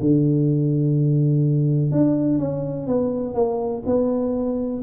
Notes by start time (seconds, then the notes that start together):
0.00 D3
1.91 D4
2.39 C#4
2.87 B3
3.34 A#3
3.86 B3